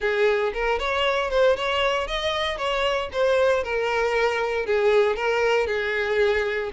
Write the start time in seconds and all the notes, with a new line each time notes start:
0.00 G#4
0.53 A#4
0.79 C#5
1.30 C5
1.56 C#5
2.07 D#5
2.57 C#5
3.12 C5
3.63 A#4
4.66 G#4
5.15 A#4
5.67 G#4